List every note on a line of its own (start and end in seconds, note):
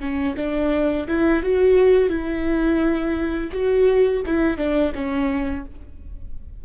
0.00 0.35 C#4
0.36 1.07 D4
1.07 1.43 E4
1.43 2.09 F#4
2.09 3.50 E4
3.52 4.22 F#4
4.26 4.57 E4
4.57 4.92 D4
4.94 5.65 C#4